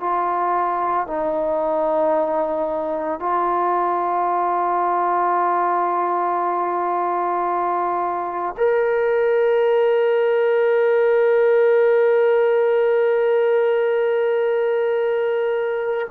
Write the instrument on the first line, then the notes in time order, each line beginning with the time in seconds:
trombone
0.00 F4
1.07 D#4
3.19 F4
8.58 A#4